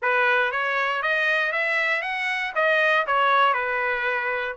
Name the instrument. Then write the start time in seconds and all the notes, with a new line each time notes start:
trumpet
0.02 B4
0.51 C#5
1.02 D#5
1.52 E5
2.02 F#5
2.55 D#5
3.06 C#5
3.53 B4